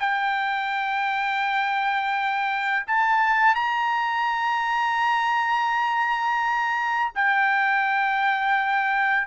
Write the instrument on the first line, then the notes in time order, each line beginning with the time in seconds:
trumpet
0.00 G5
2.87 A5
3.55 A#5
7.15 G5